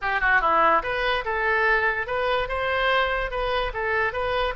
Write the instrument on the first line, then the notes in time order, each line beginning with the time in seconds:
oboe
0.01 G4
0.20 F#4
0.40 E4
0.83 B4
1.25 A4
2.07 B4
2.48 C5
3.30 B4
3.73 A4
4.12 B4